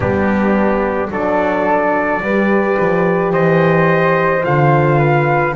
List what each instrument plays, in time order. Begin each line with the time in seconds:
0.00 double bass G3, horn B3, flute D4, trumpet G4
1.09 double bass F#3, horn D4, flute A4, trumpet D5
2.21 double bass G3, horn G4, flute B4
2.79 double bass F3
3.32 double bass E3, flute C5, trumpet D#5
4.42 double bass D3, horn F4, trumpet F5
4.98 flute B4